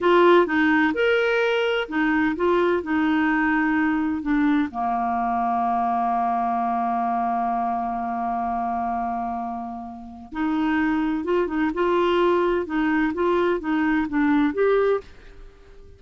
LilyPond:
\new Staff \with { instrumentName = "clarinet" } { \time 4/4 \tempo 4 = 128 f'4 dis'4 ais'2 | dis'4 f'4 dis'2~ | dis'4 d'4 ais2~ | ais1~ |
ais1~ | ais2 dis'2 | f'8 dis'8 f'2 dis'4 | f'4 dis'4 d'4 g'4 | }